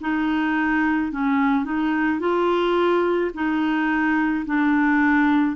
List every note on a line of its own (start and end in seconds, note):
0.00 1.11 D#4
1.11 1.64 C#4
1.64 2.19 D#4
2.19 3.30 F4
3.34 4.45 D#4
4.45 5.56 D4